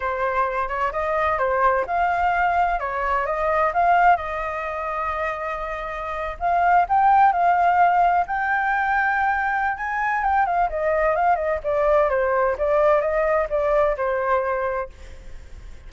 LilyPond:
\new Staff \with { instrumentName = "flute" } { \time 4/4 \tempo 4 = 129 c''4. cis''8 dis''4 c''4 | f''2 cis''4 dis''4 | f''4 dis''2.~ | dis''4.~ dis''16 f''4 g''4 f''16~ |
f''4.~ f''16 g''2~ g''16~ | g''4 gis''4 g''8 f''8 dis''4 | f''8 dis''8 d''4 c''4 d''4 | dis''4 d''4 c''2 | }